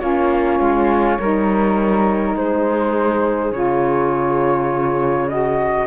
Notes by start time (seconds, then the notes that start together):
0.00 A#3 C#4 F4 C#5
0.60 G#3
1.20 G3 D#4 A#4
2.35 G#3 G#4 C5
3.52 C#3 F4 C#5
5.29 F#4 D#5